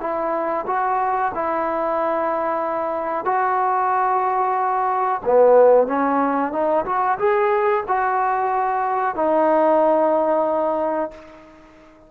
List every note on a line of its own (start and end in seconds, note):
0.00 0.65 E4
0.66 1.32 F#4
1.34 3.25 E4
3.25 5.21 F#4
5.25 5.87 B3
5.87 6.52 C#4
6.52 6.85 D#4
6.85 7.18 F#4
7.19 7.84 G#4
7.88 9.15 F#4
9.15 11.11 D#4